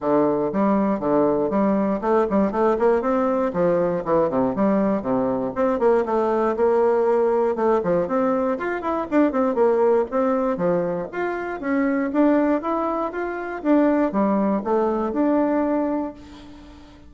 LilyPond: \new Staff \with { instrumentName = "bassoon" } { \time 4/4 \tempo 4 = 119 d4 g4 d4 g4 | a8 g8 a8 ais8 c'4 f4 | e8 c8 g4 c4 c'8 ais8 | a4 ais2 a8 f8 |
c'4 f'8 e'8 d'8 c'8 ais4 | c'4 f4 f'4 cis'4 | d'4 e'4 f'4 d'4 | g4 a4 d'2 | }